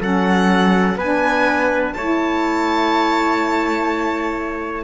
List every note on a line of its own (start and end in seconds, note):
0.00 0.96 F#3
0.00 0.97 C#4
0.00 0.98 A4
0.00 0.99 F#5
0.96 1.93 B3
0.96 1.98 D4
0.96 1.95 B4
0.96 1.94 G#5
1.94 4.84 A3
1.94 4.84 E4
1.94 4.84 C#5
1.94 4.84 A5